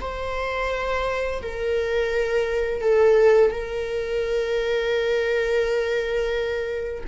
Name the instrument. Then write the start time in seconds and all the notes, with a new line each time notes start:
viola
0.00 C5
1.42 A#4
2.81 A4
3.51 A#4